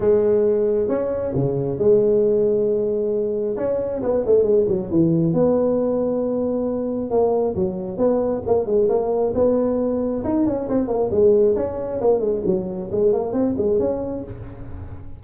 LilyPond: \new Staff \with { instrumentName = "tuba" } { \time 4/4 \tempo 4 = 135 gis2 cis'4 cis4 | gis1 | cis'4 b8 a8 gis8 fis8 e4 | b1 |
ais4 fis4 b4 ais8 gis8 | ais4 b2 dis'8 cis'8 | c'8 ais8 gis4 cis'4 ais8 gis8 | fis4 gis8 ais8 c'8 gis8 cis'4 | }